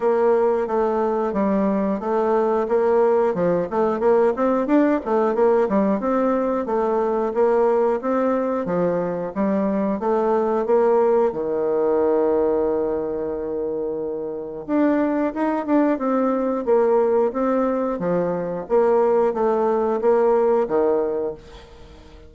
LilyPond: \new Staff \with { instrumentName = "bassoon" } { \time 4/4 \tempo 4 = 90 ais4 a4 g4 a4 | ais4 f8 a8 ais8 c'8 d'8 a8 | ais8 g8 c'4 a4 ais4 | c'4 f4 g4 a4 |
ais4 dis2.~ | dis2 d'4 dis'8 d'8 | c'4 ais4 c'4 f4 | ais4 a4 ais4 dis4 | }